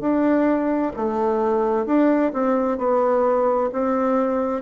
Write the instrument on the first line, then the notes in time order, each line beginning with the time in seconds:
bassoon
0.00 D4
0.96 A3
1.85 D4
2.33 C4
2.78 B3
3.72 C4